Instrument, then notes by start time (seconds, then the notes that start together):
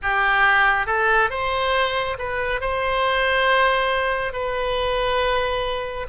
oboe
0.02 G4
0.86 A4
1.30 C5
2.18 B4
2.60 C5
4.32 B4